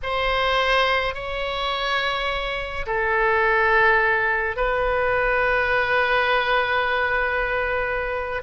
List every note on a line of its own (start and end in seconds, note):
0.02 1.14 C5
1.14 2.86 C#5
2.86 4.56 A4
4.56 8.42 B4